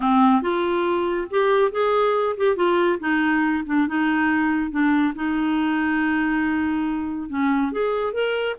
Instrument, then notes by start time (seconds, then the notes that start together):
clarinet
0.00 C4
0.42 F4
1.30 G4
1.71 G#4
2.37 G4
2.56 F4
2.99 D#4
3.66 D4
3.87 D#4
4.70 D4
5.15 D#4
7.29 C#4
7.72 G#4
8.13 A#4